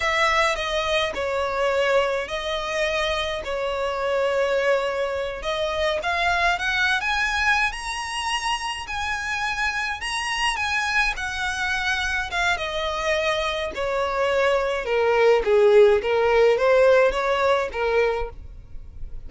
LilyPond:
\new Staff \with { instrumentName = "violin" } { \time 4/4 \tempo 4 = 105 e''4 dis''4 cis''2 | dis''2 cis''2~ | cis''4. dis''4 f''4 fis''8~ | fis''16 gis''4~ gis''16 ais''2 gis''8~ |
gis''4. ais''4 gis''4 fis''8~ | fis''4. f''8 dis''2 | cis''2 ais'4 gis'4 | ais'4 c''4 cis''4 ais'4 | }